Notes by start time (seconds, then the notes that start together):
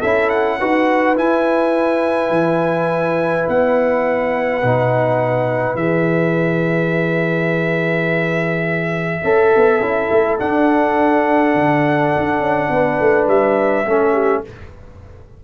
0.00 C#4 E4 A4 E5
0.29 F#5
0.59 D#4 F#4 B4
1.15 E4 G#5
2.29 E3
3.48 B3 F#5
4.62 B2 D#4
5.75 E3 G#4 E5
9.23 C#4 A4
9.56 B3
9.80 C#4 E4
10.11 A3
10.39 D4 F#5
11.54 D3
12.17 D4
12.39 C#4
12.70 B3 B4
13.00 A3
13.27 G3 E5
13.85 A3 C#4 A4
14.13 G4